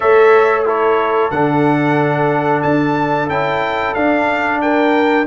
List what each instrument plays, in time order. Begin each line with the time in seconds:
0.00 tuba A3, trombone A4, horn C#5, trumpet E5
0.65 trombone E4, horn A4, trumpet C#5
1.30 tuba D3, trombone D4, trumpet F#5
2.62 tuba D4, trumpet A5
3.28 tuba C#4, trombone E4, trumpet G5
3.94 tuba D4, trombone D4, trumpet F5
4.61 horn A#4, trumpet G5